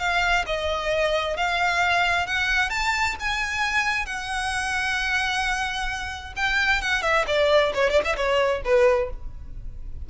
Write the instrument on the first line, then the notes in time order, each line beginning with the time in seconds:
violin
0.00 F5
0.47 D#5
1.37 F5
2.27 F#5
2.70 A5
3.20 G#5
4.06 F#5
6.37 G5
6.82 F#5
7.03 E5
7.28 D5
7.75 C#5
7.91 D5
8.05 E5
8.17 C#5
8.65 B4